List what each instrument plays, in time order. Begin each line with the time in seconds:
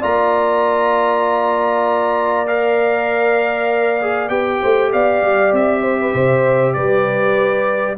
0.00 tuba A#3, trombone F4, horn D5, trumpet A#5
2.48 trombone A#4, trumpet F5
4.02 trombone G#4
4.29 tuba B3, trombone G4, trumpet G5
4.62 tuba A3, horn C5
4.93 tuba B3, horn D5, trumpet F5
5.23 tuba G3
5.52 tuba C4, trumpet E5
5.82 horn C5
6.01 horn B4
6.14 tuba C3, horn C5
6.73 tuba G3, horn B4, trumpet D5